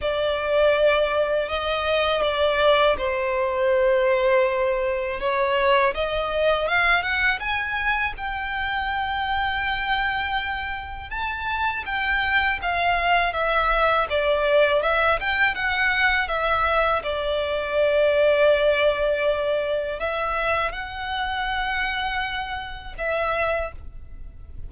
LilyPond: \new Staff \with { instrumentName = "violin" } { \time 4/4 \tempo 4 = 81 d''2 dis''4 d''4 | c''2. cis''4 | dis''4 f''8 fis''8 gis''4 g''4~ | g''2. a''4 |
g''4 f''4 e''4 d''4 | e''8 g''8 fis''4 e''4 d''4~ | d''2. e''4 | fis''2. e''4 | }